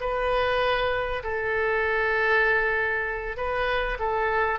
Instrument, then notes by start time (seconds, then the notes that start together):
oboe
0.00 B4
1.23 A4
3.36 B4
3.99 A4